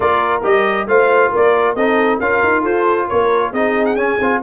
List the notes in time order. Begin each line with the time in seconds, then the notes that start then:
0.00 A#3 F4 A#4 D5
0.43 G3 G4 D#5
0.87 A3 F4 C5 F5
1.30 A#3 A#4 D5
1.74 C4 D#4 A4 D#5
2.18 C#4 F4 A#4 F5
2.43 D#4
2.61 F4 A4 C5
3.07 A#3 A#4 C#5
3.51 C4 D#4 G#4 D#5
3.85 F#5
3.95 C#4 G#5
4.20 C4 F4